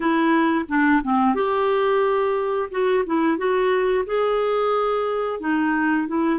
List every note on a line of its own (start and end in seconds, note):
0.00 0.65 E4
0.68 1.02 D4
1.03 1.34 C4
1.34 2.69 G4
2.70 3.04 F#4
3.06 3.37 E4
3.37 4.04 F#4
4.05 5.40 G#4
5.40 6.07 D#4
6.07 6.39 E4